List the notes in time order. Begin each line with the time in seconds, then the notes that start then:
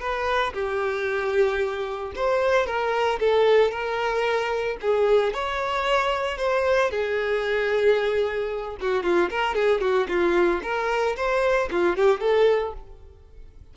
0.00 B4
0.53 G4
2.15 C5
2.66 A#4
3.19 A4
3.71 A#4
4.81 G#4
5.33 C#5
6.37 C5
6.91 G#4
8.80 F#4
9.03 F4
9.30 A#4
9.54 G#4
9.81 F#4
10.08 F4
10.63 A#4
11.16 C5
11.71 F4
11.96 G4
12.20 A4